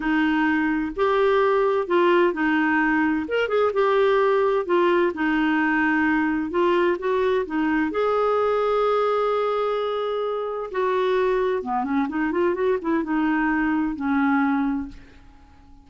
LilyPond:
\new Staff \with { instrumentName = "clarinet" } { \time 4/4 \tempo 4 = 129 dis'2 g'2 | f'4 dis'2 ais'8 gis'8 | g'2 f'4 dis'4~ | dis'2 f'4 fis'4 |
dis'4 gis'2.~ | gis'2. fis'4~ | fis'4 b8 cis'8 dis'8 f'8 fis'8 e'8 | dis'2 cis'2 | }